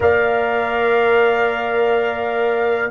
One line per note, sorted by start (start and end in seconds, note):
0.00 2.90 A#3
0.00 2.90 A#4
0.00 2.90 D5
0.00 2.90 F5